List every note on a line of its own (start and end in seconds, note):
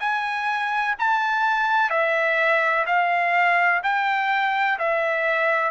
0.00 0.95 G#5
0.99 1.90 A5
1.90 2.85 E5
2.86 3.81 F5
3.83 4.78 G5
4.79 5.71 E5